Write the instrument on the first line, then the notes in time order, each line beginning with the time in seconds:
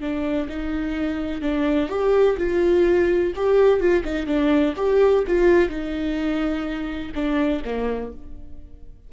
viola
0.00 D4
0.49 D#4
1.41 D4
1.89 G4
2.37 F4
3.35 G4
3.80 F4
4.04 D#4
4.26 D4
4.76 G4
5.27 F4
5.69 D#4
7.15 D4
7.65 A#3